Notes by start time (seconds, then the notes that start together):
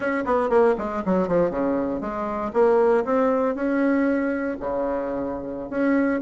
0.00 C#4
0.25 B3
0.49 A#3
0.77 G#3
1.05 F#3
1.27 F3
1.50 C#3
2.00 G#3
2.53 A#3
3.04 C4
3.55 C#4
4.59 C#3
5.69 C#4